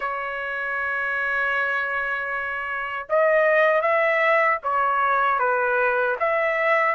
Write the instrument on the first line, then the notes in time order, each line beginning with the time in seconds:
trumpet
0.00 C#5
3.09 D#5
3.81 E5
4.63 C#5
5.38 B4
6.19 E5